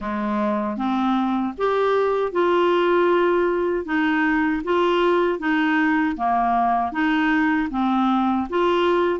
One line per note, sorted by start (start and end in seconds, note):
0.00 0.77 G#3
0.77 1.53 C4
1.57 2.31 G4
2.31 3.85 F4
3.85 4.62 D#4
4.64 5.39 F4
5.39 6.16 D#4
6.16 6.92 A#3
6.92 7.69 D#4
7.70 8.47 C4
8.49 9.20 F4